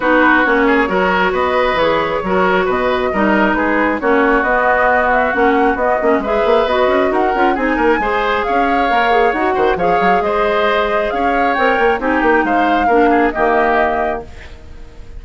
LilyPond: <<
  \new Staff \with { instrumentName = "flute" } { \time 4/4 \tempo 4 = 135 b'4 cis''2 dis''4 | cis''2 dis''2 | b'4 cis''4 dis''4. e''8 | fis''4 dis''4 e''4 dis''4 |
fis''4 gis''2 f''4~ | f''4 fis''4 f''4 dis''4~ | dis''4 f''4 g''4 gis''8 g''8 | f''2 dis''2 | }
  \new Staff \with { instrumentName = "oboe" } { \time 4/4 fis'4. gis'8 ais'4 b'4~ | b'4 ais'4 b'4 ais'4 | gis'4 fis'2.~ | fis'2 b'2 |
ais'4 gis'8 ais'8 c''4 cis''4~ | cis''4. c''8 cis''4 c''4~ | c''4 cis''2 g'4 | c''4 ais'8 gis'8 g'2 | }
  \new Staff \with { instrumentName = "clarinet" } { \time 4/4 dis'4 cis'4 fis'2 | gis'4 fis'2 dis'4~ | dis'4 cis'4 b2 | cis'4 b8 cis'8 gis'4 fis'4~ |
fis'8 f'8 dis'4 gis'2 | ais'8 gis'8 fis'4 gis'2~ | gis'2 ais'4 dis'4~ | dis'4 d'4 ais2 | }
  \new Staff \with { instrumentName = "bassoon" } { \time 4/4 b4 ais4 fis4 b4 | e4 fis4 b,4 g4 | gis4 ais4 b2 | ais4 b8 ais8 gis8 ais8 b8 cis'8 |
dis'8 cis'8 c'8 ais8 gis4 cis'4 | ais4 dis'8 dis8 f8 fis8 gis4~ | gis4 cis'4 c'8 ais8 c'8 ais8 | gis4 ais4 dis2 | }
>>